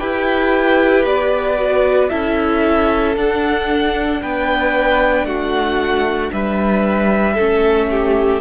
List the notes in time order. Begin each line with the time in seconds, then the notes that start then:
0.00 E4 G4 B4 G5
1.05 B3 D5
1.58 F#4
2.10 C#4 E4 A4 E5
3.16 D4 F#5
4.22 B3 B4 G5
5.24 A3 F#4 F#5
6.32 G3 B4 E5
7.34 A3 C#4 A4
7.91 G4